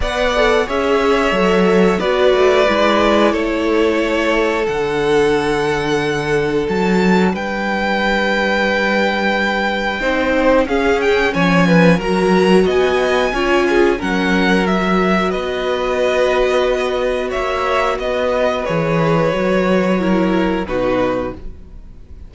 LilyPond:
<<
  \new Staff \with { instrumentName = "violin" } { \time 4/4 \tempo 4 = 90 fis''4 e''2 d''4~ | d''4 cis''2 fis''4~ | fis''2 a''4 g''4~ | g''1 |
f''8 g''8 gis''4 ais''4 gis''4~ | gis''4 fis''4 e''4 dis''4~ | dis''2 e''4 dis''4 | cis''2. b'4 | }
  \new Staff \with { instrumentName = "violin" } { \time 4/4 d''4 cis''2 b'4~ | b'4 a'2.~ | a'2. b'4~ | b'2. c''4 |
gis'4 cis''8 b'8 ais'4 dis''4 | cis''8 gis'8 ais'2 b'4~ | b'2 cis''4 b'4~ | b'2 ais'4 fis'4 | }
  \new Staff \with { instrumentName = "viola" } { \time 4/4 b'8 a'8 gis'4 a'4 fis'4 | e'2. d'4~ | d'1~ | d'2. dis'4 |
cis'2 fis'2 | f'4 cis'4 fis'2~ | fis'1 | gis'4 fis'4 e'4 dis'4 | }
  \new Staff \with { instrumentName = "cello" } { \time 4/4 b4 cis'4 fis4 b8 a8 | gis4 a2 d4~ | d2 fis4 g4~ | g2. c'4 |
cis'4 f4 fis4 b4 | cis'4 fis2 b4~ | b2 ais4 b4 | e4 fis2 b,4 | }
>>